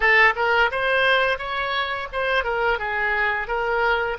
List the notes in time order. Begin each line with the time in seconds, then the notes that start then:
0.00 A4
0.35 A#4
0.71 C5
1.38 C#5
2.12 C5
2.44 A#4
2.78 G#4
3.47 A#4